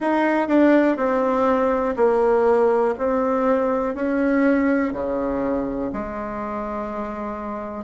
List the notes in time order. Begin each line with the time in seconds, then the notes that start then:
0.00 D#4
0.48 D4
0.97 C4
1.96 A#3
2.98 C4
3.94 C#4
4.92 C#3
5.92 G#3